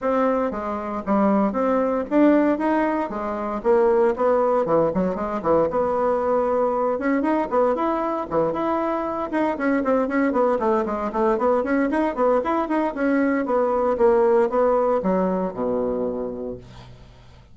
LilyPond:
\new Staff \with { instrumentName = "bassoon" } { \time 4/4 \tempo 4 = 116 c'4 gis4 g4 c'4 | d'4 dis'4 gis4 ais4 | b4 e8 fis8 gis8 e8 b4~ | b4. cis'8 dis'8 b8 e'4 |
e8 e'4. dis'8 cis'8 c'8 cis'8 | b8 a8 gis8 a8 b8 cis'8 dis'8 b8 | e'8 dis'8 cis'4 b4 ais4 | b4 fis4 b,2 | }